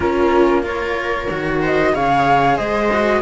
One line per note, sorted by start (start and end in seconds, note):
0.00 1.28 A#3
0.00 0.62 C#4
0.00 0.64 F4
0.00 0.62 A#4
0.62 1.27 F4
0.62 1.60 A#4
0.62 1.62 C#5
1.29 1.94 D#3
1.29 1.93 F#4
1.61 1.93 C5
1.61 1.94 D#5
1.93 2.58 C#3
1.93 2.90 G#4
1.93 2.56 C#5
1.93 2.57 F5
2.56 3.21 G#3
2.56 3.20 C5
2.56 3.21 D#5
2.92 3.21 F#4